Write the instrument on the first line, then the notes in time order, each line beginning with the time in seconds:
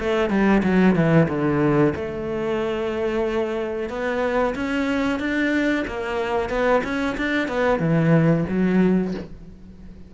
cello
0.00 A3
0.30 G3
0.63 F#3
0.95 E3
1.29 D3
1.96 A3
3.90 B3
4.55 C#4
5.19 D4
5.88 A#3
6.50 B3
6.84 C#4
7.17 D4
7.48 B3
7.79 E3
8.49 F#3